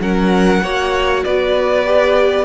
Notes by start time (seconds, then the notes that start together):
0.00 F#3 C#4 A#4 F#5
0.62 A#3 F#4 C#5
1.24 B3 B4 D5
1.85 G4